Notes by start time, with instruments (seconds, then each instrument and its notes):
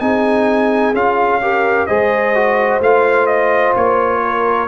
0.00 tuba C4, trombone D#4, horn G#4, trumpet G#5
0.93 tuba C#4, trombone F4, trumpet F5
1.41 trombone G4, horn A#4
1.86 tuba G#3, trombone G#4, horn C5, trumpet D#5
2.34 trombone F#4
2.80 tuba A3, trombone F4, trumpet F5
3.26 trumpet D#5
3.76 tuba A#3, trumpet C#5
4.23 horn A#4